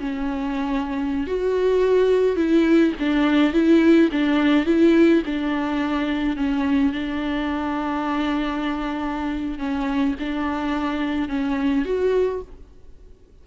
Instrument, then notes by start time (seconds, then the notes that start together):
viola
0.00 C#4
1.27 F#4
2.37 E4
2.99 D4
3.53 E4
4.12 D4
4.66 E4
5.26 D4
6.37 C#4
6.93 D4
9.59 C#4
10.20 D4
11.29 C#4
11.85 F#4